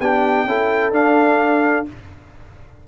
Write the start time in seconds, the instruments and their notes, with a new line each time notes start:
0.00 tuba B3, trombone D4, horn G4, trumpet G5
0.45 tuba C#4, trombone E4, horn A4
0.92 tuba D4, trombone D4, trumpet F5